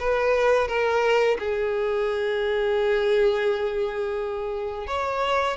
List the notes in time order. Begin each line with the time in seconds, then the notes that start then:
0.00 B4
0.68 A#4
1.40 G#4
4.87 C#5